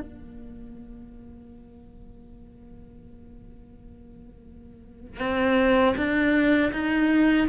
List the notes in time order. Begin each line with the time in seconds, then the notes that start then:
0.00 A#3
5.20 C4
5.97 D4
6.73 D#4